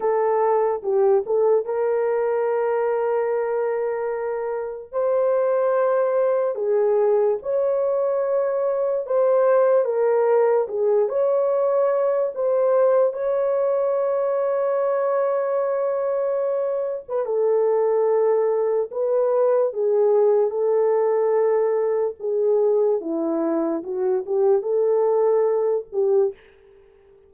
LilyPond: \new Staff \with { instrumentName = "horn" } { \time 4/4 \tempo 4 = 73 a'4 g'8 a'8 ais'2~ | ais'2 c''2 | gis'4 cis''2 c''4 | ais'4 gis'8 cis''4. c''4 |
cis''1~ | cis''8. b'16 a'2 b'4 | gis'4 a'2 gis'4 | e'4 fis'8 g'8 a'4. g'8 | }